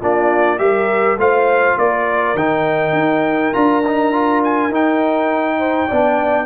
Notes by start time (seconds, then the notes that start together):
0.00 A#3 D4 F4 D5
0.58 G3 G4 A#4 E5
1.17 A3 F4 C5 F5
1.78 A#3 A#4 D5
2.35 D#3 D#4 G5
2.93 D#4
3.53 D4 F4 A#5
3.87 D#4
4.12 F4
4.44 G#5
4.69 D#4 G5
5.59 C5
5.88 B3 D4 D5